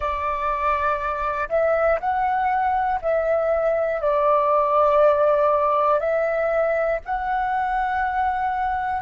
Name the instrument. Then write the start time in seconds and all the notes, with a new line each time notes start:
flute
0.00 D5
1.49 E5
2.00 F#5
3.01 E5
4.01 D5
6.00 E5
7.05 F#5